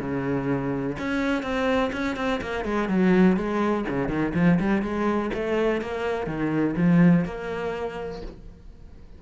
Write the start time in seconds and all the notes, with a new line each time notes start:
0.00 C#3
0.99 C#4
1.43 C4
1.93 C#4
2.17 C4
2.41 A#3
2.65 G#3
2.89 F#3
3.37 G#3
3.89 C#3
4.09 D#3
4.35 F3
4.60 G3
4.83 G#3
5.34 A3
5.82 A#3
6.27 D#3
6.77 F3
7.25 A#3